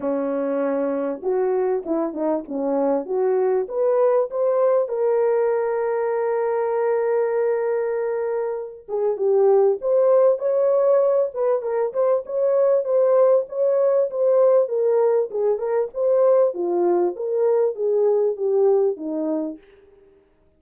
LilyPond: \new Staff \with { instrumentName = "horn" } { \time 4/4 \tempo 4 = 98 cis'2 fis'4 e'8 dis'8 | cis'4 fis'4 b'4 c''4 | ais'1~ | ais'2~ ais'8 gis'8 g'4 |
c''4 cis''4. b'8 ais'8 c''8 | cis''4 c''4 cis''4 c''4 | ais'4 gis'8 ais'8 c''4 f'4 | ais'4 gis'4 g'4 dis'4 | }